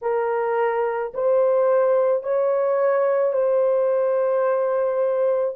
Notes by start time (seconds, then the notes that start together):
0.02 A#4
1.14 C5
2.23 C#5
3.32 C5